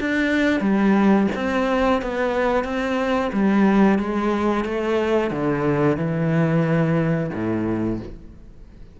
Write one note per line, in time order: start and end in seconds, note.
0.00 0.60 D4
0.60 1.27 G3
1.35 2.02 C4
2.02 2.64 B3
2.64 3.31 C4
3.32 3.98 G3
3.98 4.64 G#3
4.64 5.30 A3
5.30 5.97 D3
5.97 7.30 E3
7.33 8.00 A2